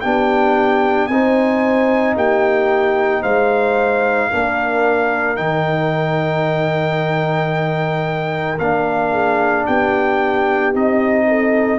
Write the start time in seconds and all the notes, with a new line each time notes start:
0.00 B3 D4 G4 G5
1.07 C4 D#4 C5 G#5
2.15 A#3 G4 G5
3.21 G#3 C5 F5
4.30 A#3 D4 A#4
5.36 D#3 D#4 G5
8.59 A#3 D4 F5
9.11 G#4
9.65 B3 G4 G5
10.73 C4 D#4 D#5
11.27 A4